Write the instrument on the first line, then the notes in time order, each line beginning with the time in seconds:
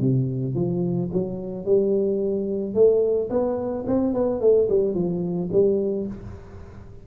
tuba
0.00 C3
0.55 F3
1.13 F#3
1.65 G3
2.74 A3
3.30 B3
3.87 C4
4.14 B3
4.41 A3
4.69 G3
4.95 F3
5.52 G3